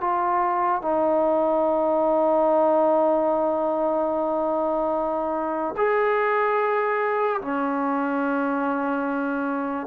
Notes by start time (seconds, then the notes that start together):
0.00 F4
0.81 D#4
5.76 G#4
7.41 C#4